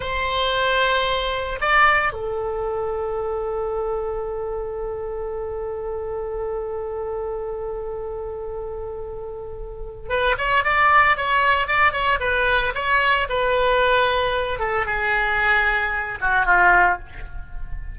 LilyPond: \new Staff \with { instrumentName = "oboe" } { \time 4/4 \tempo 4 = 113 c''2. d''4 | a'1~ | a'1~ | a'1~ |
a'2. b'8 cis''8 | d''4 cis''4 d''8 cis''8 b'4 | cis''4 b'2~ b'8 a'8 | gis'2~ gis'8 fis'8 f'4 | }